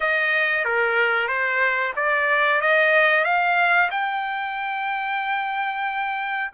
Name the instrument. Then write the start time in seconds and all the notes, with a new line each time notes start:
trumpet
0.00 D#5
0.65 A#4
1.27 C5
1.96 D5
2.61 D#5
3.24 F5
3.90 G5